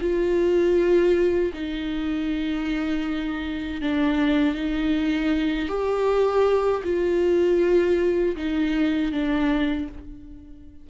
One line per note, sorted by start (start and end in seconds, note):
0.00 1.52 F4
1.53 3.81 D#4
3.81 4.54 D4
4.54 5.68 D#4
5.68 6.82 G4
6.84 8.35 F4
8.36 9.11 D#4
9.11 9.87 D4